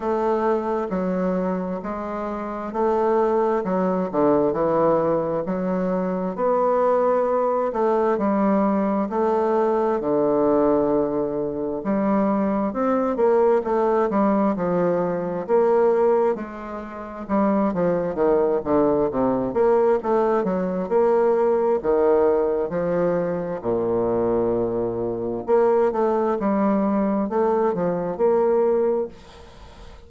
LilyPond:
\new Staff \with { instrumentName = "bassoon" } { \time 4/4 \tempo 4 = 66 a4 fis4 gis4 a4 | fis8 d8 e4 fis4 b4~ | b8 a8 g4 a4 d4~ | d4 g4 c'8 ais8 a8 g8 |
f4 ais4 gis4 g8 f8 | dis8 d8 c8 ais8 a8 fis8 ais4 | dis4 f4 ais,2 | ais8 a8 g4 a8 f8 ais4 | }